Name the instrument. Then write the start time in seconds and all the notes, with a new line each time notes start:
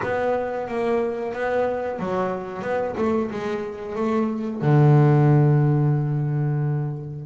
double bass
0.02 B3
0.68 A#3
1.33 B3
1.99 F#3
2.62 B3
2.97 A3
3.30 G#3
3.95 A3
4.61 D3